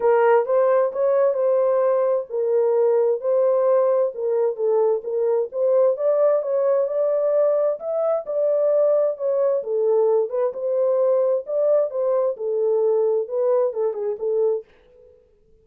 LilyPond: \new Staff \with { instrumentName = "horn" } { \time 4/4 \tempo 4 = 131 ais'4 c''4 cis''4 c''4~ | c''4 ais'2 c''4~ | c''4 ais'4 a'4 ais'4 | c''4 d''4 cis''4 d''4~ |
d''4 e''4 d''2 | cis''4 a'4. b'8 c''4~ | c''4 d''4 c''4 a'4~ | a'4 b'4 a'8 gis'8 a'4 | }